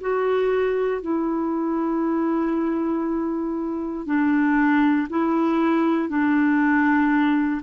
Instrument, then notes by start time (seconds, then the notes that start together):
clarinet
0.00 F#4
1.01 E4
4.05 D4
5.09 E4
6.08 D4